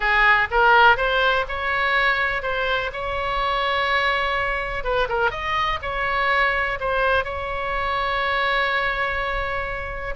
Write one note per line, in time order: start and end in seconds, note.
0.00 0.48 G#4
0.50 0.97 A#4
0.97 1.45 C5
1.48 2.42 C#5
2.42 2.90 C5
2.93 4.83 C#5
4.83 5.08 B4
5.08 5.30 A#4
5.30 5.79 D#5
5.82 6.79 C#5
6.79 7.24 C5
7.24 10.14 C#5